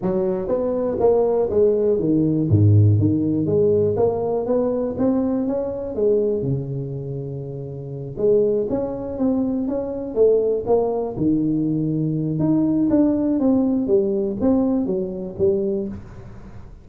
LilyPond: \new Staff \with { instrumentName = "tuba" } { \time 4/4 \tempo 4 = 121 fis4 b4 ais4 gis4 | dis4 gis,4 dis4 gis4 | ais4 b4 c'4 cis'4 | gis4 cis2.~ |
cis8 gis4 cis'4 c'4 cis'8~ | cis'8 a4 ais4 dis4.~ | dis4 dis'4 d'4 c'4 | g4 c'4 fis4 g4 | }